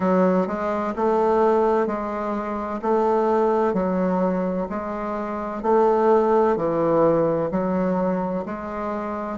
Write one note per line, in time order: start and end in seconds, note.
0.00 0.47 F#3
0.47 0.94 G#3
0.96 1.86 A3
1.86 2.80 G#3
2.82 3.73 A3
3.73 4.67 F#3
4.69 5.62 G#3
5.62 6.56 A3
6.56 7.50 E3
7.51 8.45 F#3
8.45 9.38 G#3